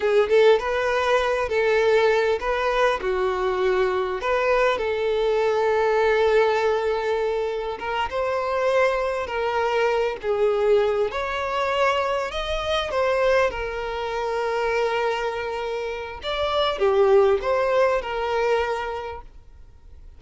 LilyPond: \new Staff \with { instrumentName = "violin" } { \time 4/4 \tempo 4 = 100 gis'8 a'8 b'4. a'4. | b'4 fis'2 b'4 | a'1~ | a'4 ais'8 c''2 ais'8~ |
ais'4 gis'4. cis''4.~ | cis''8 dis''4 c''4 ais'4.~ | ais'2. d''4 | g'4 c''4 ais'2 | }